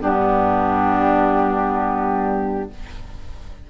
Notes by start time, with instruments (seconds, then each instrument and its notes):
0.00 bassoon G2, clarinet B3, oboe D4, flute G4